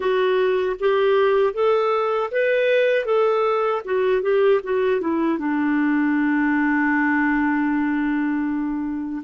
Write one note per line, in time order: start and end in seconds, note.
0.00 0.76 F#4
0.79 1.53 G4
1.53 2.30 A4
2.31 3.05 B4
3.05 3.81 A4
3.84 4.22 F#4
4.22 4.60 G4
4.63 5.00 F#4
5.00 5.38 E4
5.38 9.23 D4